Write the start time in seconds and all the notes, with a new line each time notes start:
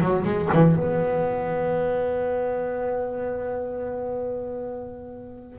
0.00 F#3
0.25 G#3
0.53 E3
0.76 B3